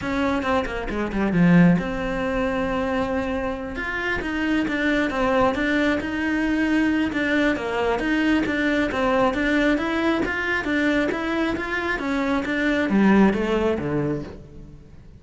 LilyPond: \new Staff \with { instrumentName = "cello" } { \time 4/4 \tempo 4 = 135 cis'4 c'8 ais8 gis8 g8 f4 | c'1~ | c'8 f'4 dis'4 d'4 c'8~ | c'8 d'4 dis'2~ dis'8 |
d'4 ais4 dis'4 d'4 | c'4 d'4 e'4 f'4 | d'4 e'4 f'4 cis'4 | d'4 g4 a4 d4 | }